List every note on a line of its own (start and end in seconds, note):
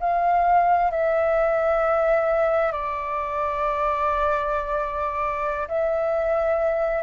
0.00 0.91 F5
0.91 2.72 E5
2.72 5.68 D5
5.68 7.02 E5